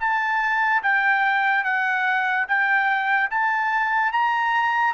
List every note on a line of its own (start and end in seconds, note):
0.00 0.82 A5
0.83 1.64 G5
1.64 2.46 F#5
2.48 3.30 G5
3.30 4.12 A5
4.12 4.94 A#5